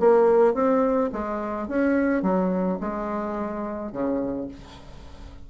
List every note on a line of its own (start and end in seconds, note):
0.00 0.55 A#3
0.55 1.11 C4
1.13 1.68 G#3
1.68 2.23 C#4
2.23 2.79 F#3
2.81 3.92 G#3
3.92 4.48 C#3